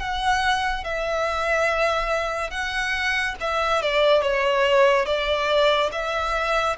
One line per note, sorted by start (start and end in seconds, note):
0.00 0.85 F#5
0.85 2.51 E5
2.51 3.36 F#5
3.41 3.83 E5
3.83 4.23 D5
4.23 5.06 C#5
5.06 5.91 D5
5.92 6.77 E5